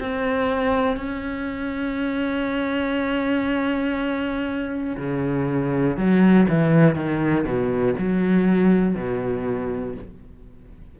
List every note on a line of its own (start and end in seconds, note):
0.00 0.96 C4
0.96 4.96 C#4
4.97 5.97 C#3
5.97 6.47 F#3
6.49 6.95 E3
6.95 7.45 D#3
7.45 7.95 B2
7.98 8.95 F#3
8.95 9.95 B2